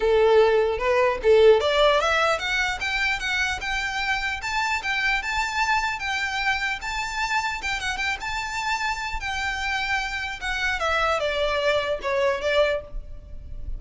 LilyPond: \new Staff \with { instrumentName = "violin" } { \time 4/4 \tempo 4 = 150 a'2 b'4 a'4 | d''4 e''4 fis''4 g''4 | fis''4 g''2 a''4 | g''4 a''2 g''4~ |
g''4 a''2 g''8 fis''8 | g''8 a''2~ a''8 g''4~ | g''2 fis''4 e''4 | d''2 cis''4 d''4 | }